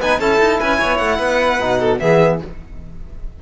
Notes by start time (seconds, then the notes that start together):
0.00 B3 D#4 B4 G#5
0.19 C#4 E4 A4 A5
0.40 D#4
0.60 C#4 B4 G#5
0.78 B3 C#5
0.98 A3 F#5
1.19 B3 B4
1.59 B2 D#4
1.79 A4
1.99 E3 B3 G#4 E5